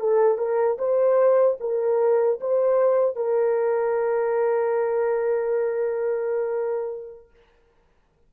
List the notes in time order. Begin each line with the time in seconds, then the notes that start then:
0.00 A4
0.38 A#4
0.79 C5
1.61 A#4
2.41 C5
3.16 A#4